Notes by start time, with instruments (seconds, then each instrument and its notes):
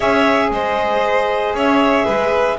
0.00 double bass C#4, saxophone G#4, violin C#5, clarinet E5
0.50 double bass G#3, violin C5, clarinet D#5
1.53 double bass C#4, violin C#5, clarinet E5
2.05 double bass G#3, violin B4